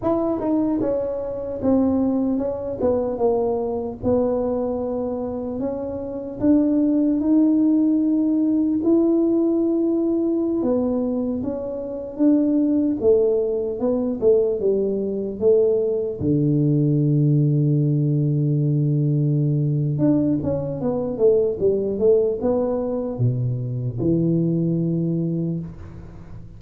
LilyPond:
\new Staff \with { instrumentName = "tuba" } { \time 4/4 \tempo 4 = 75 e'8 dis'8 cis'4 c'4 cis'8 b8 | ais4 b2 cis'4 | d'4 dis'2 e'4~ | e'4~ e'16 b4 cis'4 d'8.~ |
d'16 a4 b8 a8 g4 a8.~ | a16 d2.~ d8.~ | d4 d'8 cis'8 b8 a8 g8 a8 | b4 b,4 e2 | }